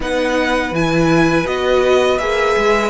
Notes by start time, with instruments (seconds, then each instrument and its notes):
0.00 cello B3, viola D#4, violin B4 F#5
0.71 cello E3, viola E4, violin G#5
1.45 cello B3, viola F#4, violin D#5
2.18 cello A#3, viola G#4, violin E5
2.57 cello G#3